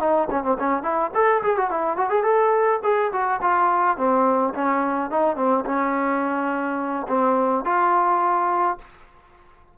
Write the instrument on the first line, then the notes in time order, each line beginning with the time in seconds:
trombone
0.00 D#4
0.31 C#4
0.43 C4
0.59 C#4
0.83 E4
1.14 A4
1.43 G#4
1.57 F#4
1.70 E4
1.97 F#4
2.10 G#4
2.23 A4
2.84 G#4
3.12 F#4
3.42 F4
3.97 C4
4.54 C#4
5.10 D#4
5.36 C4
5.65 C#4
7.08 C4
7.65 F4